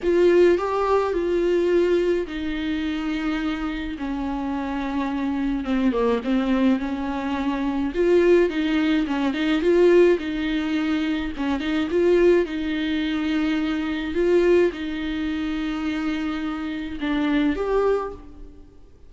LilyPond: \new Staff \with { instrumentName = "viola" } { \time 4/4 \tempo 4 = 106 f'4 g'4 f'2 | dis'2. cis'4~ | cis'2 c'8 ais8 c'4 | cis'2 f'4 dis'4 |
cis'8 dis'8 f'4 dis'2 | cis'8 dis'8 f'4 dis'2~ | dis'4 f'4 dis'2~ | dis'2 d'4 g'4 | }